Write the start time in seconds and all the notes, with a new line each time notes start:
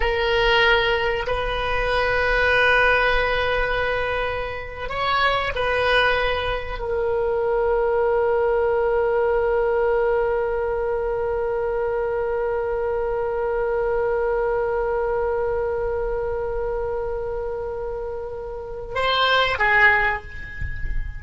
0.00 A#4
1.26 B4
4.89 C#5
5.55 B4
6.79 A#4
18.94 C5
19.58 G#4